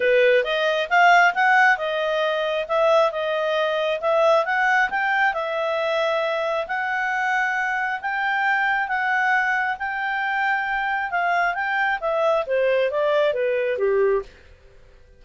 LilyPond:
\new Staff \with { instrumentName = "clarinet" } { \time 4/4 \tempo 4 = 135 b'4 dis''4 f''4 fis''4 | dis''2 e''4 dis''4~ | dis''4 e''4 fis''4 g''4 | e''2. fis''4~ |
fis''2 g''2 | fis''2 g''2~ | g''4 f''4 g''4 e''4 | c''4 d''4 b'4 g'4 | }